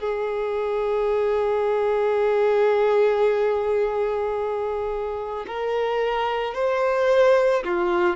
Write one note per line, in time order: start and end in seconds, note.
0.00 5.45 G#4
5.47 6.55 A#4
6.55 7.64 C5
7.64 8.16 F4